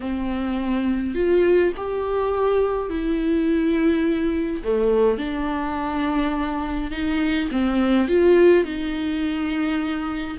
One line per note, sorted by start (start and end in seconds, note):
0.00 1.15 C4
1.15 1.72 F4
1.76 2.89 G4
2.89 4.62 E4
4.63 5.18 A3
5.18 6.91 D4
6.91 7.49 D#4
7.51 8.08 C4
8.08 8.64 F4
8.64 10.37 D#4